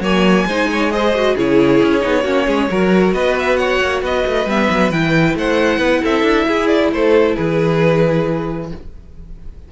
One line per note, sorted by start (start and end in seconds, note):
0.00 0.44 F#3
0.00 0.47 A#3
0.00 0.46 C#5
0.00 0.92 G#5
0.46 1.35 G#3
0.46 0.91 D#4
0.46 0.69 C5
0.72 0.93 C#5
0.91 1.14 G#4
0.91 1.35 C5
0.91 1.36 D#5
1.15 1.37 F#4
1.35 1.82 C#3
1.35 2.00 E4
1.35 2.23 G#4
1.35 3.13 C#5
1.83 2.04 C#4
2.00 2.24 B3
2.00 2.22 D#4
2.23 2.46 A#3
2.23 2.70 C#4
2.23 2.45 F#4
2.46 2.69 G#3
2.46 2.68 G#4
2.70 3.13 F#3
2.70 4.48 F#4
2.70 3.14 A#4
3.13 3.80 B3
3.13 3.58 B4
3.13 3.35 D#5
3.39 3.57 E5
3.57 4.03 C#5
3.57 4.01 F#5
3.81 4.02 A#3
4.02 4.24 B3
4.02 5.37 B4
4.02 4.49 D#5
4.26 4.46 A3
4.46 4.68 G3
4.46 4.93 B3
4.46 4.91 E5
4.70 4.90 F#3
4.90 5.34 E3
4.90 8.71 E4
4.90 5.36 G5
5.34 5.78 A3
5.34 5.79 C5
5.34 6.05 F#5
5.78 6.01 B3
5.78 6.01 B4
6.02 6.22 C4
6.02 6.46 A4
6.02 6.67 E5
6.22 6.45 D4
6.47 6.92 E4
6.47 6.92 G#4
6.67 6.89 D5
6.92 7.36 A3
6.92 7.35 A4
6.92 7.35 C5
7.35 8.72 E3
7.35 8.69 G#4
7.35 8.69 B4